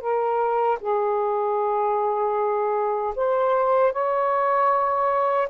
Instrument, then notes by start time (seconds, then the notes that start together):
saxophone
0.00 A#4
0.80 G#4
3.15 C5
3.92 C#5